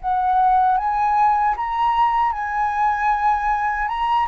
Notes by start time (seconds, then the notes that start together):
0.00 F#5
0.77 G#5
1.56 A#5
2.32 G#5
3.88 A#5